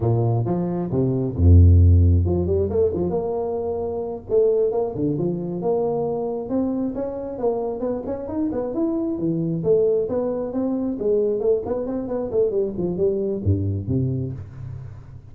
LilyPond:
\new Staff \with { instrumentName = "tuba" } { \time 4/4 \tempo 4 = 134 ais,4 f4 c4 f,4~ | f,4 f8 g8 a8 f8 ais4~ | ais4. a4 ais8 d8 f8~ | f8 ais2 c'4 cis'8~ |
cis'8 ais4 b8 cis'8 dis'8 b8 e'8~ | e'8 e4 a4 b4 c'8~ | c'8 gis4 a8 b8 c'8 b8 a8 | g8 f8 g4 g,4 c4 | }